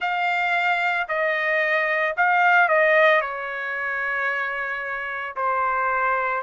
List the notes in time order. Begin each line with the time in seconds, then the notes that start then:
0.00 F5
1.08 D#5
2.17 F5
2.68 D#5
3.21 C#5
5.36 C5